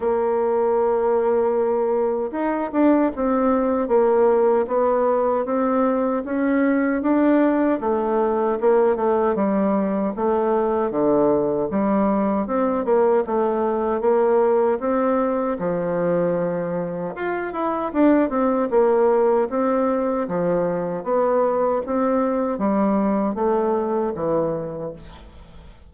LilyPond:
\new Staff \with { instrumentName = "bassoon" } { \time 4/4 \tempo 4 = 77 ais2. dis'8 d'8 | c'4 ais4 b4 c'4 | cis'4 d'4 a4 ais8 a8 | g4 a4 d4 g4 |
c'8 ais8 a4 ais4 c'4 | f2 f'8 e'8 d'8 c'8 | ais4 c'4 f4 b4 | c'4 g4 a4 e4 | }